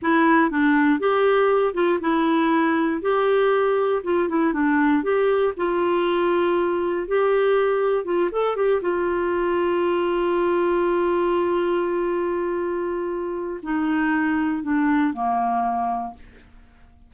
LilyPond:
\new Staff \with { instrumentName = "clarinet" } { \time 4/4 \tempo 4 = 119 e'4 d'4 g'4. f'8 | e'2 g'2 | f'8 e'8 d'4 g'4 f'4~ | f'2 g'2 |
f'8 a'8 g'8 f'2~ f'8~ | f'1~ | f'2. dis'4~ | dis'4 d'4 ais2 | }